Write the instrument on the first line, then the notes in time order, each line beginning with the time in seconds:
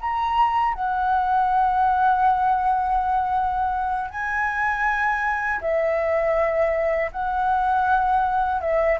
flute
0.00 A#5
0.74 F#5
4.10 G#5
5.61 E5
7.11 F#5
8.61 E5